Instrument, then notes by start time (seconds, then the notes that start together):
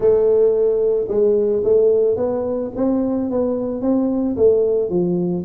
tuba
0.00 A3
1.08 G#3
1.63 A3
2.16 B3
2.75 C4
3.30 B3
3.81 C4
4.36 A3
4.89 F3